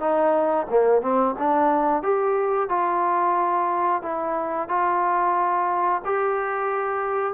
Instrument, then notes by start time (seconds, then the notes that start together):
trombone
0.00 D#4
0.70 A#3
1.02 C4
1.38 D4
2.02 G4
2.69 F4
4.02 E4
4.68 F4
6.05 G4